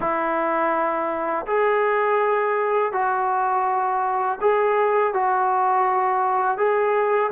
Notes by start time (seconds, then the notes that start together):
0.00 E4
1.46 G#4
2.92 F#4
4.41 G#4
5.13 F#4
6.57 G#4